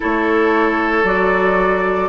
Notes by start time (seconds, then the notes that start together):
0.00 A3 E4 A4 C#5
1.03 F#3 F#4 D5